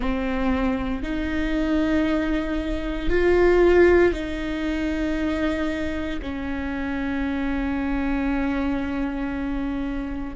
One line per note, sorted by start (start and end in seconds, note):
0.00 1.03 C4
1.03 3.09 D#4
3.09 4.12 F4
4.12 6.19 D#4
6.22 10.35 C#4